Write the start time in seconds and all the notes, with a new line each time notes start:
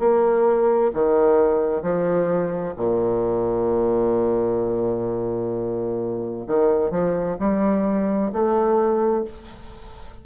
0.00 A#3
0.94 D#3
1.83 F3
2.77 A#2
6.47 D#3
6.91 F3
7.40 G3
8.33 A3